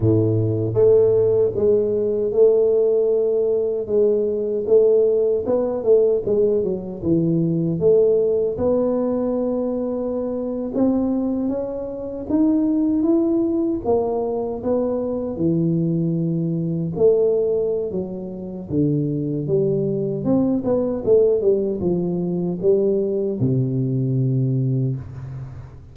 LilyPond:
\new Staff \with { instrumentName = "tuba" } { \time 4/4 \tempo 4 = 77 a,4 a4 gis4 a4~ | a4 gis4 a4 b8 a8 | gis8 fis8 e4 a4 b4~ | b4.~ b16 c'4 cis'4 dis'16~ |
dis'8. e'4 ais4 b4 e16~ | e4.~ e16 a4~ a16 fis4 | d4 g4 c'8 b8 a8 g8 | f4 g4 c2 | }